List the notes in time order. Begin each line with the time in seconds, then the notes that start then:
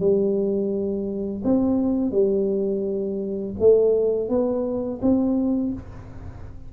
0.00 G3
1.44 C4
2.12 G3
3.59 A3
4.30 B3
5.02 C4